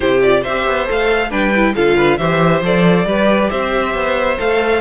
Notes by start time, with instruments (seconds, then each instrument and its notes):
0.00 cello C3, viola E4, violin G4 C5
0.22 viola F4, violin D5
0.41 cello C4, violin C5 E5
0.47 viola G4
0.66 cello B3
0.86 cello A3, viola A4, violin F5
1.29 cello G3, viola D4, violin B4 G5
1.55 viola E4
1.75 cello D3, viola F4, violin A4 F5
1.96 violin B4
2.17 cello E3, viola G4, violin C5 E5
2.61 cello F3, viola A4, violin D5
3.05 cello G3, viola G4, violin B4
3.50 cello C4, violin C5 E5
3.94 cello B3
4.38 cello A3, viola A4, violin F5